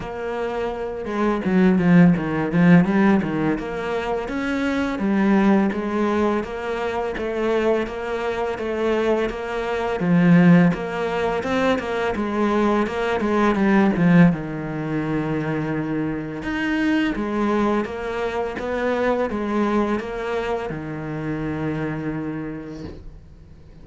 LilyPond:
\new Staff \with { instrumentName = "cello" } { \time 4/4 \tempo 4 = 84 ais4. gis8 fis8 f8 dis8 f8 | g8 dis8 ais4 cis'4 g4 | gis4 ais4 a4 ais4 | a4 ais4 f4 ais4 |
c'8 ais8 gis4 ais8 gis8 g8 f8 | dis2. dis'4 | gis4 ais4 b4 gis4 | ais4 dis2. | }